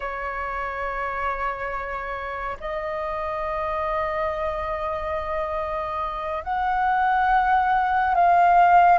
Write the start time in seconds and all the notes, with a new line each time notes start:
0.00 C#5
2.59 D#5
6.43 F#5
8.14 F5